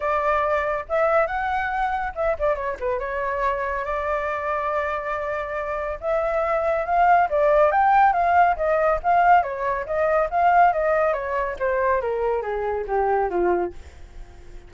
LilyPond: \new Staff \with { instrumentName = "flute" } { \time 4/4 \tempo 4 = 140 d''2 e''4 fis''4~ | fis''4 e''8 d''8 cis''8 b'8 cis''4~ | cis''4 d''2.~ | d''2 e''2 |
f''4 d''4 g''4 f''4 | dis''4 f''4 cis''4 dis''4 | f''4 dis''4 cis''4 c''4 | ais'4 gis'4 g'4 f'4 | }